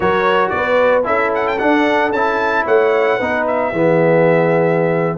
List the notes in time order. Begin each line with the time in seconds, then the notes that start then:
0.00 F#3 F#4 A#4 C#5
0.49 B3 B4 D5
1.03 C#4 E4 A4 E5
1.34 F#5
1.47 G5
1.58 D4 F#5
2.11 C#4 E4 A5
2.64 A3 C#5 F#5
3.16 B3 D#4 B4
3.47 E5
3.71 E3 B3 G#4